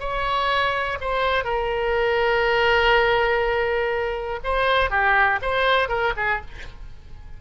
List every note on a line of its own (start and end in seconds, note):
0.00 0.98 C#5
1.01 1.45 C5
1.45 4.40 A#4
4.44 4.90 C5
4.90 5.40 G4
5.42 5.89 C5
5.89 6.13 A#4
6.17 6.41 G#4